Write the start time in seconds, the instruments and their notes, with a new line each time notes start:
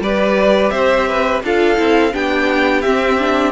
0.00 cello G3, viola G4, violin B4 D5
0.71 cello C4, violin C5 E5
1.08 violin B4
1.43 cello D4, viola F4, violin A4 F5
1.76 cello C4, viola E4
2.13 cello B3, viola D4, violin G4 G5
2.82 viola C4, cello C4, violin E5
3.19 viola D4